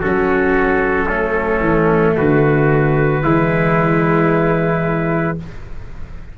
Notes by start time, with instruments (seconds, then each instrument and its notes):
0.00 tuba F#3, viola C#4, trumpet F#4 A4
1.09 viola A3, trumpet C#4
1.60 tuba E3
2.17 tuba D3, trumpet F#4 B4
3.22 tuba E3, viola G#3, trumpet E4